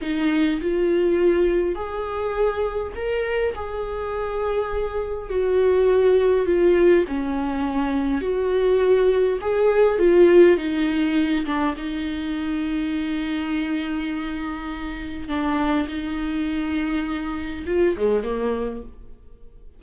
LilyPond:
\new Staff \with { instrumentName = "viola" } { \time 4/4 \tempo 4 = 102 dis'4 f'2 gis'4~ | gis'4 ais'4 gis'2~ | gis'4 fis'2 f'4 | cis'2 fis'2 |
gis'4 f'4 dis'4. d'8 | dis'1~ | dis'2 d'4 dis'4~ | dis'2 f'8 gis8 ais4 | }